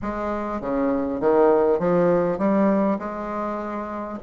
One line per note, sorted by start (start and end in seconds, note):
0.02 0.60 G#3
0.60 1.20 C#3
1.20 1.79 D#3
1.79 2.38 F3
2.38 2.98 G3
2.98 4.18 G#3